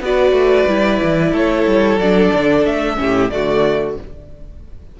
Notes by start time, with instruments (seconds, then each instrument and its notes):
0.00 cello B3, viola F#4, violin B4 D5
0.32 cello A3
0.67 cello G3, viola E4
1.03 cello E3
1.31 cello A3, violin A4 C#5
1.66 cello G3
1.98 cello F#3, viola D4, violin D5
2.34 cello D3
2.65 cello A3, violin E5
2.96 cello A2, viola C#4, violin G4
3.30 cello D3, viola A3, violin F#4 D5